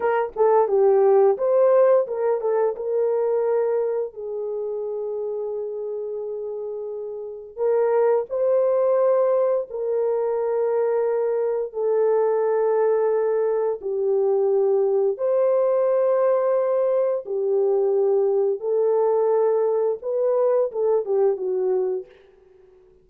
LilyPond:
\new Staff \with { instrumentName = "horn" } { \time 4/4 \tempo 4 = 87 ais'8 a'8 g'4 c''4 ais'8 a'8 | ais'2 gis'2~ | gis'2. ais'4 | c''2 ais'2~ |
ais'4 a'2. | g'2 c''2~ | c''4 g'2 a'4~ | a'4 b'4 a'8 g'8 fis'4 | }